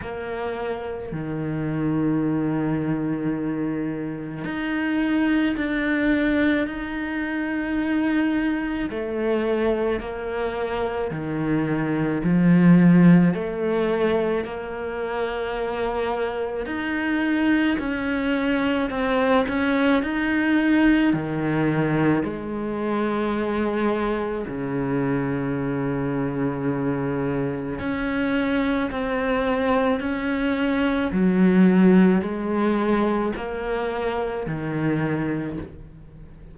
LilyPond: \new Staff \with { instrumentName = "cello" } { \time 4/4 \tempo 4 = 54 ais4 dis2. | dis'4 d'4 dis'2 | a4 ais4 dis4 f4 | a4 ais2 dis'4 |
cis'4 c'8 cis'8 dis'4 dis4 | gis2 cis2~ | cis4 cis'4 c'4 cis'4 | fis4 gis4 ais4 dis4 | }